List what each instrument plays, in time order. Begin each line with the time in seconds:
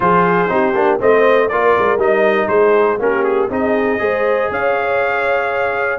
0.00 tuba F3, trombone F4, horn G#4, trumpet C5
0.48 tuba C4, trombone D#4, horn G4
0.74 tuba A#3, trombone D4
0.99 tuba A3, trombone C4, horn C5, trumpet D#5
1.48 tuba A#3, trombone F4, horn A#4, trumpet D5
1.78 tuba G#3
1.97 tuba G3, trombone D#4, trumpet D#5
2.48 tuba G#3, horn G#4, trumpet C5
2.99 tuba A#3, trombone C#4, horn G4, trumpet A#4
3.24 trumpet G#4
3.49 tuba C4, trombone D#4, horn G#4, trumpet D#5
3.98 tuba G#3, trombone G#4, horn C5
4.50 tuba C#4, horn C#5, trumpet F5